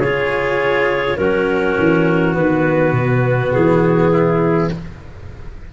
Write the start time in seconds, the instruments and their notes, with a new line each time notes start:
0.00 tuba C#3, cello F4, trumpet G#4, clarinet C#5
1.17 tuba F#3, cello C#4, trumpet F#4, clarinet A#4
1.79 tuba E3
2.34 tuba D#3, cello B3, clarinet B4
2.92 tuba B2
3.53 tuba E3, clarinet G#4
4.13 trumpet E4